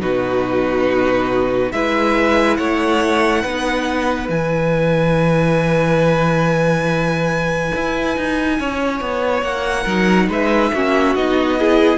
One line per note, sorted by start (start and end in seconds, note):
0.00 1.72 B2
0.00 1.71 D#4
0.00 1.72 F#4
0.00 1.71 B4
1.71 2.58 G#3
1.71 3.45 E4
1.71 2.57 B4
1.71 2.56 E5
2.56 3.44 A3
2.56 3.42 C#5
2.56 4.28 F#5
3.42 4.28 B3
3.42 4.32 D#4
3.42 8.56 B4
4.28 7.71 E3
4.28 9.87 E4
4.28 9.42 G#5
7.75 8.16 E4
8.16 8.59 D#4
8.59 9.00 C#4
8.59 9.82 C#5
9.00 9.42 B3
9.42 9.85 A#3
9.42 10.28 F#5
9.82 10.28 F#3
9.82 10.73 D#4
9.82 10.25 A#4
10.28 10.71 G#3
10.28 10.72 B4
10.28 11.15 E5
10.73 11.15 A#3
10.73 11.16 C#4
10.73 11.58 F#4
11.15 11.97 B3
11.15 11.58 D#4
11.15 11.97 D#5
11.58 11.97 E4
11.58 11.97 G#4